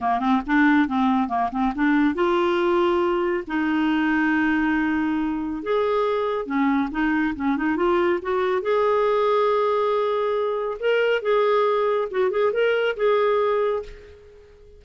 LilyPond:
\new Staff \with { instrumentName = "clarinet" } { \time 4/4 \tempo 4 = 139 ais8 c'8 d'4 c'4 ais8 c'8 | d'4 f'2. | dis'1~ | dis'4 gis'2 cis'4 |
dis'4 cis'8 dis'8 f'4 fis'4 | gis'1~ | gis'4 ais'4 gis'2 | fis'8 gis'8 ais'4 gis'2 | }